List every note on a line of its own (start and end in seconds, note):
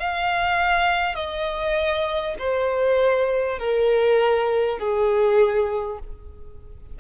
0.00 1.16 F5
1.16 2.36 D#5
2.39 3.59 C5
3.59 4.79 A#4
4.79 5.99 G#4